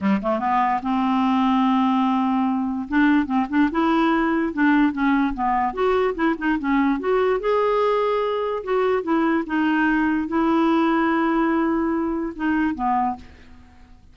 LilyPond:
\new Staff \with { instrumentName = "clarinet" } { \time 4/4 \tempo 4 = 146 g8 a8 b4 c'2~ | c'2. d'4 | c'8 d'8 e'2 d'4 | cis'4 b4 fis'4 e'8 dis'8 |
cis'4 fis'4 gis'2~ | gis'4 fis'4 e'4 dis'4~ | dis'4 e'2.~ | e'2 dis'4 b4 | }